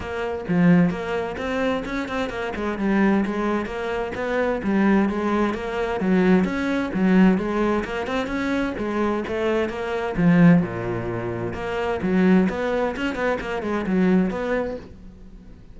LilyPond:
\new Staff \with { instrumentName = "cello" } { \time 4/4 \tempo 4 = 130 ais4 f4 ais4 c'4 | cis'8 c'8 ais8 gis8 g4 gis4 | ais4 b4 g4 gis4 | ais4 fis4 cis'4 fis4 |
gis4 ais8 c'8 cis'4 gis4 | a4 ais4 f4 ais,4~ | ais,4 ais4 fis4 b4 | cis'8 b8 ais8 gis8 fis4 b4 | }